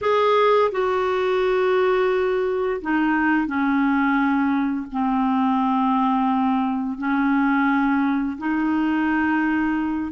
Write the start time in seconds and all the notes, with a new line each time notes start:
0.01 G#4
0.71 F#4
2.81 D#4
3.46 C#4
4.92 C4
6.98 C#4
8.38 D#4